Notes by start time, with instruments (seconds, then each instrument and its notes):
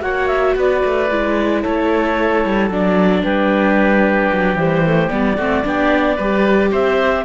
0.00 cello A#3, viola F#4, oboe C#5, clarinet F#5
0.27 clarinet E5
0.55 cello B3, oboe B4, clarinet D5
0.85 cello A3
1.10 cello G#3, viola E4
1.62 cello A3, oboe A4, clarinet C#5
2.45 cello G3
2.69 cello F#3, viola D4, clarinet D5
3.23 cello G3, oboe G4, clarinet B4
4.32 cello F#3
4.54 cello E3, viola G3, clarinet C5
4.85 viola A3
5.09 cello G3, viola B3, clarinet D5
5.36 cello A3, viola C4, oboe F#4
5.64 cello B3, viola D4, oboe G4
6.16 cello G3, viola G4, oboe B4
6.71 cello C4, oboe C5, clarinet E5